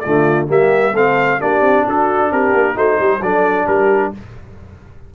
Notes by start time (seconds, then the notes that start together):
0.00 A3 F4 D5
0.07 D3
0.47 G3 A#3 G4 E5
0.94 A3 C4 A4 F5
1.40 A#3 D4 G4 D5
1.61 C4
1.86 D4 F#4 A4
2.31 C4 G4 A#4
2.53 A#3
2.75 A3 D#4 F#4 C5
3.00 G3 G4
3.21 F#3 D4 A4 D5
3.67 G3 G4 A#4